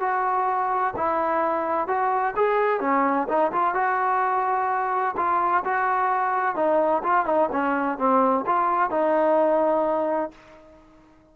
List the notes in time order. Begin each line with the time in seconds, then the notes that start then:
0.00 F#4
0.96 E4
1.87 F#4
2.36 G#4
2.80 C#4
3.28 D#4
3.52 F4
3.75 F#4
5.17 F4
5.64 F#4
6.55 D#4
7.03 F4
7.25 D#4
7.52 C#4
7.98 C4
8.46 F4
8.90 D#4